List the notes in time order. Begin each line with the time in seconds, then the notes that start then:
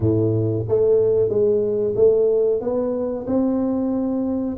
0.00 A2
0.68 A3
1.29 G#3
1.95 A3
2.61 B3
3.26 C4